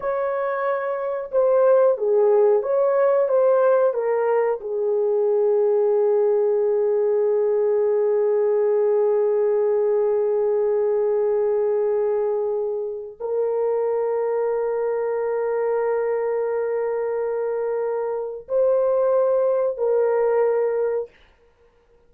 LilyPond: \new Staff \with { instrumentName = "horn" } { \time 4/4 \tempo 4 = 91 cis''2 c''4 gis'4 | cis''4 c''4 ais'4 gis'4~ | gis'1~ | gis'1~ |
gis'1 | ais'1~ | ais'1 | c''2 ais'2 | }